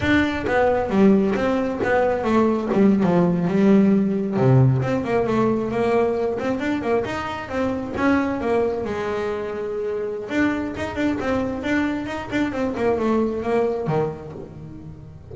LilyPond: \new Staff \with { instrumentName = "double bass" } { \time 4/4 \tempo 4 = 134 d'4 b4 g4 c'4 | b4 a4 g8. f4 g16~ | g4.~ g16 c4 c'8 ais8 a16~ | a8. ais4. c'8 d'8 ais8 dis'16~ |
dis'8. c'4 cis'4 ais4 gis16~ | gis2. d'4 | dis'8 d'8 c'4 d'4 dis'8 d'8 | c'8 ais8 a4 ais4 dis4 | }